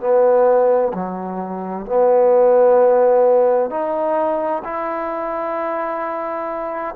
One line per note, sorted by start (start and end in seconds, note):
0.00 0.92 B3
0.94 1.86 F#3
1.86 3.70 B3
3.70 4.63 D#4
4.64 6.95 E4